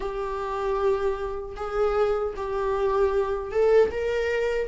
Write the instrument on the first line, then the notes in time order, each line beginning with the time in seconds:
viola
0.00 G4
1.56 G#4
2.36 G4
3.51 A4
3.91 A#4